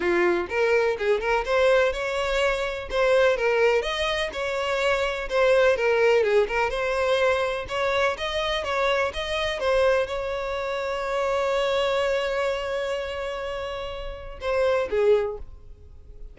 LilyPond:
\new Staff \with { instrumentName = "violin" } { \time 4/4 \tempo 4 = 125 f'4 ais'4 gis'8 ais'8 c''4 | cis''2 c''4 ais'4 | dis''4 cis''2 c''4 | ais'4 gis'8 ais'8 c''2 |
cis''4 dis''4 cis''4 dis''4 | c''4 cis''2.~ | cis''1~ | cis''2 c''4 gis'4 | }